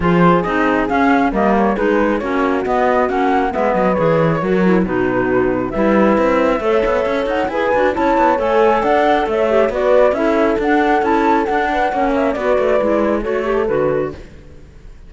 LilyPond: <<
  \new Staff \with { instrumentName = "flute" } { \time 4/4 \tempo 4 = 136 c''4 dis''4 f''4 dis''8 cis''8 | b'4 cis''4 dis''4 fis''4 | e''8 dis''8 cis''2 b'4~ | b'4 e''2.~ |
e''8 fis''8 gis''4 a''4 gis''4 | fis''4 e''4 d''4 e''4 | fis''4 a''4 fis''4. e''8 | d''2 cis''4 b'4 | }
  \new Staff \with { instrumentName = "horn" } { \time 4/4 gis'2. ais'4 | gis'4 fis'2. | b'2 ais'4 fis'4~ | fis'4 b'2 cis''4~ |
cis''4 b'4 cis''2 | d''4 cis''4 b'4 a'4~ | a'2~ a'8 b'8 cis''4 | b'2 a'2 | }
  \new Staff \with { instrumentName = "clarinet" } { \time 4/4 f'4 dis'4 cis'4 ais4 | dis'4 cis'4 b4 cis'4 | b4 gis'4 fis'8 e'8 dis'4~ | dis'4 e'2 a'4~ |
a'4 gis'8 fis'8 e'4 a'4~ | a'4. g'8 fis'4 e'4 | d'4 e'4 d'4 cis'4 | fis'4 e'4 fis'8 g'8 fis'4 | }
  \new Staff \with { instrumentName = "cello" } { \time 4/4 f4 c'4 cis'4 g4 | gis4 ais4 b4 ais4 | gis8 fis8 e4 fis4 b,4~ | b,4 g4 c'4 a8 b8 |
cis'8 dis'8 e'8 d'8 cis'8 b8 a4 | d'4 a4 b4 cis'4 | d'4 cis'4 d'4 ais4 | b8 a8 gis4 a4 d4 | }
>>